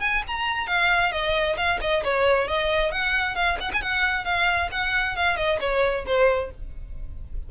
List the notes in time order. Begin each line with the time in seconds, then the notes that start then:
0.00 G#5
0.27 A#5
0.67 F5
1.12 D#5
1.57 F5
1.81 D#5
2.04 C#5
2.48 D#5
2.91 F#5
3.35 F5
3.60 F#5
3.73 G#5
3.81 F#5
4.25 F5
4.71 F#5
5.16 F5
5.36 D#5
5.60 C#5
6.06 C5